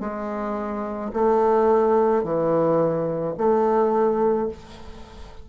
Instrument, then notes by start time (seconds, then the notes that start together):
bassoon
0.00 G#3
1.13 A3
2.24 E3
3.37 A3